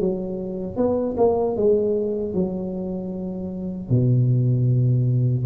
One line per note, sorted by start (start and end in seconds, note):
0.00 0.77 F#3
0.77 1.16 B3
1.18 1.57 A#3
1.57 2.34 G#3
2.34 3.90 F#3
3.90 5.45 B2